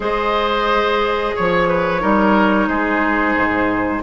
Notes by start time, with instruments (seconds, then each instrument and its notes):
0.00 bassoon G#3, clarinet G#4, oboe C5, flute D#5
1.35 bassoon F3, oboe C#5, flute C#5
1.68 oboe B4
2.00 bassoon G3, clarinet D#4, oboe A#4
2.67 bassoon G#3, oboe G#4, flute C5
3.36 bassoon G#2